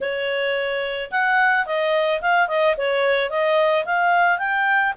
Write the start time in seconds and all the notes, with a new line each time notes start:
0.00 C#5
1.11 F#5
1.65 D#5
2.21 F5
2.47 D#5
2.77 C#5
3.30 D#5
3.85 F5
4.38 G5